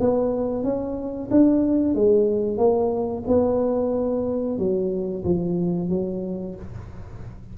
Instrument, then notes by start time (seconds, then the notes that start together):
tuba
0.00 B3
0.64 C#4
1.31 D4
1.95 G#3
2.57 A#3
3.27 B3
4.58 F#3
5.24 F3
5.89 F#3